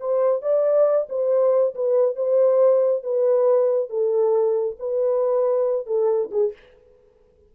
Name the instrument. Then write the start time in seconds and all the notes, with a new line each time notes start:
horn
0.00 C5
0.42 D5
1.09 C5
1.75 B4
2.16 C5
3.03 B4
3.90 A4
4.79 B4
5.87 A4
6.31 G#4